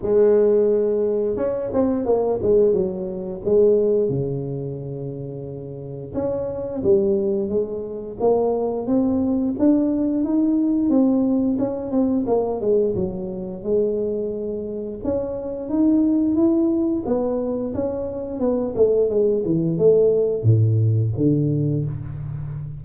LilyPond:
\new Staff \with { instrumentName = "tuba" } { \time 4/4 \tempo 4 = 88 gis2 cis'8 c'8 ais8 gis8 | fis4 gis4 cis2~ | cis4 cis'4 g4 gis4 | ais4 c'4 d'4 dis'4 |
c'4 cis'8 c'8 ais8 gis8 fis4 | gis2 cis'4 dis'4 | e'4 b4 cis'4 b8 a8 | gis8 e8 a4 a,4 d4 | }